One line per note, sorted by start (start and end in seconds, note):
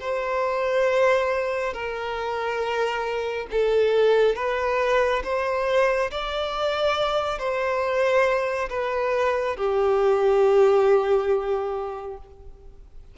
0.00 1.73 C5
1.73 3.47 A#4
3.51 4.35 A4
4.35 5.22 B4
5.24 6.11 C5
6.11 7.38 D5
7.38 8.69 C5
8.69 9.56 B4
9.56 12.17 G4